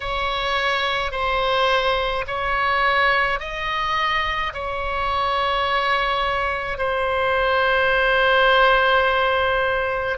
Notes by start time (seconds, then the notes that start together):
0.00 C#5
1.11 C5
2.27 C#5
3.39 D#5
4.53 C#5
6.78 C5